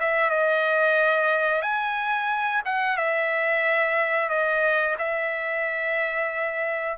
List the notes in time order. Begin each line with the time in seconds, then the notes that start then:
0.00 E5
0.30 D#5
1.62 G#5
2.65 F#5
2.98 E5
4.29 D#5
4.98 E5